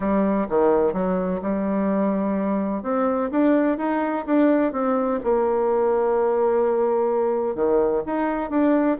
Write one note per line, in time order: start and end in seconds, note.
0.00 0.47 G3
0.49 0.93 D#3
0.93 1.40 F#3
1.42 2.82 G3
2.82 3.30 C4
3.31 3.77 D4
3.77 4.25 D#4
4.25 4.72 D4
4.72 5.19 C4
5.23 7.55 A#3
7.55 8.02 D#3
8.06 8.50 D#4
8.50 8.97 D4